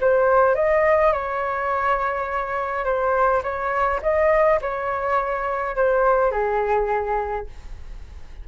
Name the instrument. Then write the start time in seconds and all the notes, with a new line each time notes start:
flute
0.00 C5
0.55 D#5
1.12 C#5
2.84 C5
3.43 C#5
4.02 D#5
4.61 C#5
5.76 C5
6.31 G#4